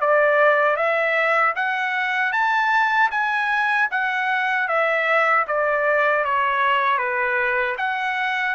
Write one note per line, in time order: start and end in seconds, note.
0.00 0.76 D5
0.76 1.54 E5
1.55 2.32 F#5
2.32 3.10 A5
3.11 3.89 G#5
3.91 4.68 F#5
4.68 5.45 E5
5.47 6.24 D5
6.24 6.98 C#5
6.98 7.76 B4
7.77 8.55 F#5